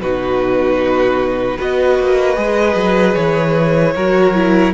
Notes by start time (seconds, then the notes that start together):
0.00 B2 D#4 F#4 B4
1.57 B3 F#4 B4 D#5
2.00 A#3
2.36 G#3 G#4
2.75 F#3
3.15 E3 C#5
3.96 F#3 F#4 A#4
4.35 E4